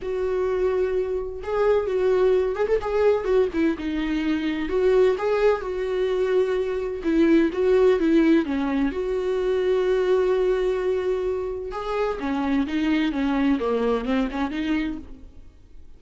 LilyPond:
\new Staff \with { instrumentName = "viola" } { \time 4/4 \tempo 4 = 128 fis'2. gis'4 | fis'4. gis'16 a'16 gis'4 fis'8 e'8 | dis'2 fis'4 gis'4 | fis'2. e'4 |
fis'4 e'4 cis'4 fis'4~ | fis'1~ | fis'4 gis'4 cis'4 dis'4 | cis'4 ais4 c'8 cis'8 dis'4 | }